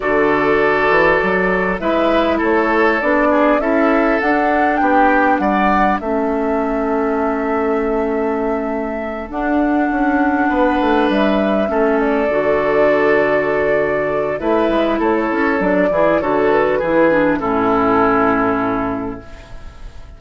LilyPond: <<
  \new Staff \with { instrumentName = "flute" } { \time 4/4 \tempo 4 = 100 d''2. e''4 | cis''4 d''4 e''4 fis''4 | g''4 fis''4 e''2~ | e''2.~ e''8 fis''8~ |
fis''2~ fis''8 e''4. | d''1 | e''4 cis''4 d''4 cis''8 b'8~ | b'4 a'2. | }
  \new Staff \with { instrumentName = "oboe" } { \time 4/4 a'2. b'4 | a'4. gis'8 a'2 | g'4 d''4 a'2~ | a'1~ |
a'4. b'2 a'8~ | a'1 | b'4 a'4. gis'8 a'4 | gis'4 e'2. | }
  \new Staff \with { instrumentName = "clarinet" } { \time 4/4 fis'2. e'4~ | e'4 d'4 e'4 d'4~ | d'2 cis'2~ | cis'2.~ cis'8 d'8~ |
d'2.~ d'8 cis'8~ | cis'8 fis'2.~ fis'8 | e'2 d'8 e'8 fis'4 | e'8 d'8 cis'2. | }
  \new Staff \with { instrumentName = "bassoon" } { \time 4/4 d4. e8 fis4 gis4 | a4 b4 cis'4 d'4 | b4 g4 a2~ | a2.~ a8 d'8~ |
d'8 cis'4 b8 a8 g4 a8~ | a8 d2.~ d8 | a8 gis8 a8 cis'8 fis8 e8 d4 | e4 a,2. | }
>>